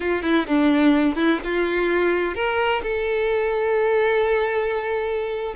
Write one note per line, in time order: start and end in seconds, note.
0.00 0.22 F4
0.22 0.46 E4
0.46 1.15 D4
1.15 1.39 E4
1.43 2.35 F4
2.35 2.82 A#4
2.82 5.54 A4